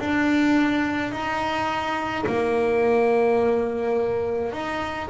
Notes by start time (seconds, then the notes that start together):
0.00 D4
1.12 D#4
2.27 A#3
4.53 D#4